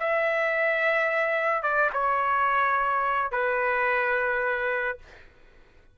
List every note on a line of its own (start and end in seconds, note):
0.00 1.63 E5
1.63 1.91 D5
1.93 3.32 C#5
3.32 4.98 B4